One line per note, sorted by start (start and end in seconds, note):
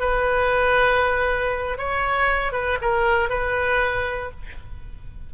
0.00 1.78 B4
1.78 2.52 C#5
2.52 2.78 B4
2.81 3.29 A#4
3.29 4.31 B4